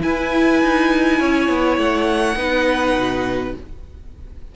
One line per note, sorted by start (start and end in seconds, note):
0.00 2.35 E4
0.00 0.62 E4
0.00 1.19 B4
0.00 1.79 G#5
0.62 1.20 D#4
1.19 1.49 C#4
1.19 2.37 C#5
1.49 1.78 B3
1.78 2.36 A3
1.78 3.55 F#5
2.36 2.94 B3
2.36 3.54 D#4
2.36 3.56 B4
2.95 3.54 B2